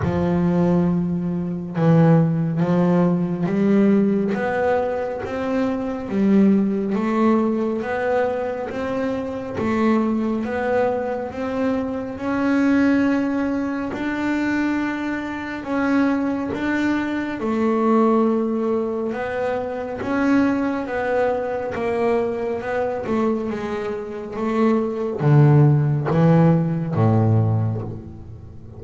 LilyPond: \new Staff \with { instrumentName = "double bass" } { \time 4/4 \tempo 4 = 69 f2 e4 f4 | g4 b4 c'4 g4 | a4 b4 c'4 a4 | b4 c'4 cis'2 |
d'2 cis'4 d'4 | a2 b4 cis'4 | b4 ais4 b8 a8 gis4 | a4 d4 e4 a,4 | }